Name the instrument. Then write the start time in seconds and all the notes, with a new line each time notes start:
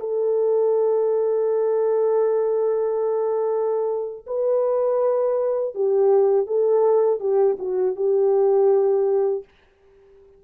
horn
0.00 A4
4.27 B4
5.75 G4
6.47 A4
7.20 G4
7.59 F#4
7.96 G4